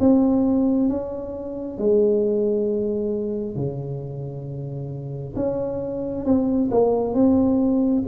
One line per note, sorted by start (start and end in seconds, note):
0.00 0.90 C4
0.90 1.79 C#4
1.79 3.56 G#3
3.56 5.35 C#3
5.36 6.26 C#4
6.26 6.70 C4
6.71 7.14 A#3
7.14 8.04 C4